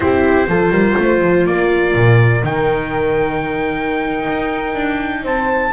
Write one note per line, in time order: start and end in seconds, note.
0.00 0.48 C4
0.00 0.47 E4
0.00 0.49 G4
0.00 1.46 C5
0.47 0.70 F3
0.47 2.42 F4
0.47 0.72 A4
0.70 0.95 G3
0.70 0.96 A#4
0.97 1.21 A3
0.97 1.48 C5
1.21 1.46 F3
1.46 1.94 A#3
1.46 5.23 A#4
1.46 2.44 D5
1.94 2.43 A#2
2.43 4.26 D#3
2.43 5.72 D#4
2.43 5.25 G5
4.27 4.74 D#4
4.74 5.23 D4
5.23 5.72 C4
5.23 5.72 C5
5.23 5.72 A5